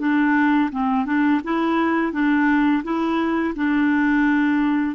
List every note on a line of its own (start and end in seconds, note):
0.00 0.71 D4
0.72 1.06 C4
1.06 1.41 D4
1.44 2.13 E4
2.13 2.83 D4
2.84 3.55 E4
3.56 4.96 D4